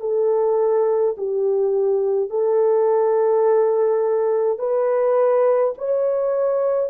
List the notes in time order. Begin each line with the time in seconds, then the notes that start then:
0.00 A4
1.17 G4
2.30 A4
4.58 B4
5.77 C#5